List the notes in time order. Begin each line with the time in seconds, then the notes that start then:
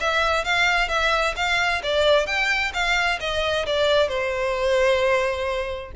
0.00 E5
0.44 F5
0.88 E5
1.36 F5
1.83 D5
2.26 G5
2.73 F5
3.20 D#5
3.66 D5
4.08 C5